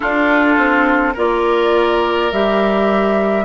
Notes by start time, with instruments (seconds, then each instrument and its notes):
0.00 clarinet D4, bassoon D4, oboe F4, flute A4
0.57 bassoon C4
1.14 bassoon A#3, clarinet F4, oboe A#4, flute D5
2.32 bassoon G3, clarinet G4, flute E5